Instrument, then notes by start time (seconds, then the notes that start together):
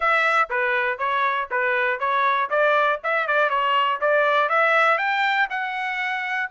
trumpet
0.00 E5
0.49 B4
0.98 C#5
1.50 B4
1.99 C#5
2.50 D5
3.03 E5
3.27 D5
3.49 C#5
4.00 D5
4.49 E5
4.97 G5
5.50 F#5